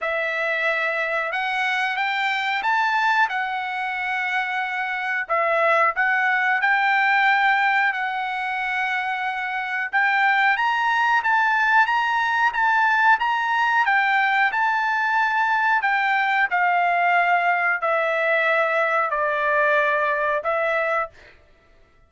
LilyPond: \new Staff \with { instrumentName = "trumpet" } { \time 4/4 \tempo 4 = 91 e''2 fis''4 g''4 | a''4 fis''2. | e''4 fis''4 g''2 | fis''2. g''4 |
ais''4 a''4 ais''4 a''4 | ais''4 g''4 a''2 | g''4 f''2 e''4~ | e''4 d''2 e''4 | }